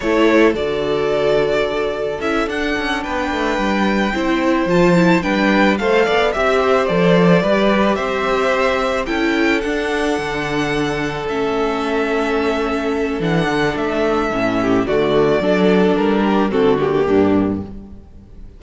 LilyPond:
<<
  \new Staff \with { instrumentName = "violin" } { \time 4/4 \tempo 4 = 109 cis''4 d''2. | e''8 fis''4 g''2~ g''8~ | g''8 a''4 g''4 f''4 e''8~ | e''8 d''2 e''4.~ |
e''8 g''4 fis''2~ fis''8~ | fis''8 e''2.~ e''8 | fis''4 e''2 d''4~ | d''4 ais'4 a'8 g'4. | }
  \new Staff \with { instrumentName = "violin" } { \time 4/4 a'1~ | a'4. b'2 c''8~ | c''4. b'4 c''8 d''8 e''8 | c''4. b'4 c''4.~ |
c''8 a'2.~ a'8~ | a'1~ | a'2~ a'8 g'8 fis'4 | a'4. g'8 fis'4 d'4 | }
  \new Staff \with { instrumentName = "viola" } { \time 4/4 e'4 fis'2. | e'8 d'2. e'8~ | e'8 f'8 e'8 d'4 a'4 g'8~ | g'8 a'4 g'2~ g'8~ |
g'8 e'4 d'2~ d'8~ | d'8 cis'2.~ cis'8 | d'2 cis'4 a4 | d'2 c'8 ais4. | }
  \new Staff \with { instrumentName = "cello" } { \time 4/4 a4 d2. | cis'8 d'8 cis'8 b8 a8 g4 c'8~ | c'8 f4 g4 a8 b8 c'8~ | c'8 f4 g4 c'4.~ |
c'8 cis'4 d'4 d4.~ | d8 a2.~ a8 | e8 d8 a4 a,4 d4 | fis4 g4 d4 g,4 | }
>>